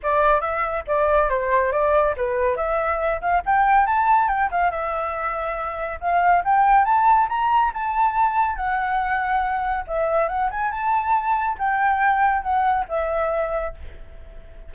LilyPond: \new Staff \with { instrumentName = "flute" } { \time 4/4 \tempo 4 = 140 d''4 e''4 d''4 c''4 | d''4 b'4 e''4. f''8 | g''4 a''4 g''8 f''8 e''4~ | e''2 f''4 g''4 |
a''4 ais''4 a''2 | fis''2. e''4 | fis''8 gis''8 a''2 g''4~ | g''4 fis''4 e''2 | }